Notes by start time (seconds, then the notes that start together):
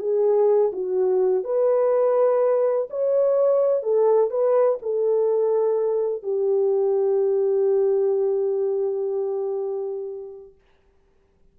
0.00 G#4
0.73 F#4
1.45 B4
2.90 C#5
3.83 A4
4.31 B4
4.82 A4
6.23 G4